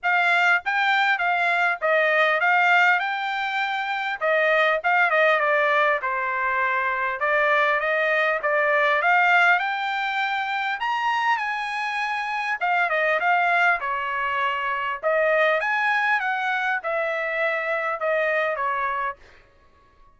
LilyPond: \new Staff \with { instrumentName = "trumpet" } { \time 4/4 \tempo 4 = 100 f''4 g''4 f''4 dis''4 | f''4 g''2 dis''4 | f''8 dis''8 d''4 c''2 | d''4 dis''4 d''4 f''4 |
g''2 ais''4 gis''4~ | gis''4 f''8 dis''8 f''4 cis''4~ | cis''4 dis''4 gis''4 fis''4 | e''2 dis''4 cis''4 | }